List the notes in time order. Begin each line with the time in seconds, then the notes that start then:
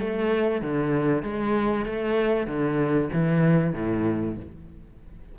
0.00 A3
0.62 D3
1.23 G#3
1.86 A3
2.47 D3
3.13 E3
3.74 A2